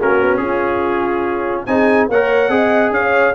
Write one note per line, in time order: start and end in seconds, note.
0.00 0.22 A#3
0.00 1.68 C#4
0.00 0.40 F#4
0.00 0.37 A#4
0.22 0.39 B3
0.37 1.65 C#4
0.37 1.66 F4
0.37 1.63 G#4
1.66 2.09 C4
1.66 2.10 D#4
1.66 2.10 G#4
1.66 2.08 G#5
2.09 2.49 A#3
2.09 2.50 A#4
2.09 2.51 C#5
2.09 2.93 F#5
2.49 2.91 C4
2.49 3.34 G#4
2.49 2.93 D#5
2.91 3.33 C#4
2.91 3.35 C#5
2.91 3.35 F5